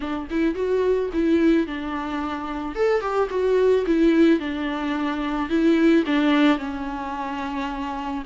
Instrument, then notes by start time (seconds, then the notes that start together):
viola
0.00 D4
0.30 E4
0.55 F#4
1.13 E4
1.66 D4
2.75 A4
3.01 G4
3.30 F#4
3.86 E4
4.39 D4
5.49 E4
6.06 D4
6.58 C#4